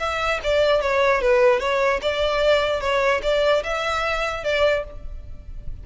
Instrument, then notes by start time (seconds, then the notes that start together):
violin
0.00 E5
0.44 D5
0.82 C#5
1.22 B4
1.60 C#5
2.02 D5
2.81 C#5
3.23 D5
3.64 E5
4.44 D5